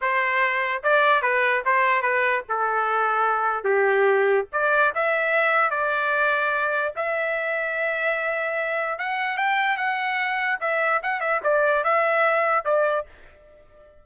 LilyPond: \new Staff \with { instrumentName = "trumpet" } { \time 4/4 \tempo 4 = 147 c''2 d''4 b'4 | c''4 b'4 a'2~ | a'4 g'2 d''4 | e''2 d''2~ |
d''4 e''2.~ | e''2 fis''4 g''4 | fis''2 e''4 fis''8 e''8 | d''4 e''2 d''4 | }